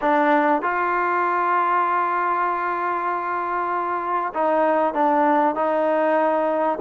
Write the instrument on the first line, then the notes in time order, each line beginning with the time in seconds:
trombone
0.01 D4
0.62 F4
4.34 D#4
4.94 D4
5.55 D#4